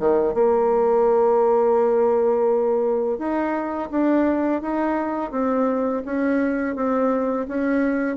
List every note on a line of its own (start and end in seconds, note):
0.00 0.34 D#3
0.34 3.19 A#3
3.19 3.90 D#4
3.91 4.62 D4
4.62 5.32 D#4
5.32 6.03 C4
6.06 6.76 C#4
6.76 7.47 C4
7.48 8.17 C#4